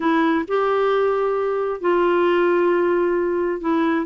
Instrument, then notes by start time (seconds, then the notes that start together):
clarinet
0.00 E4
0.47 G4
1.80 F4
3.60 E4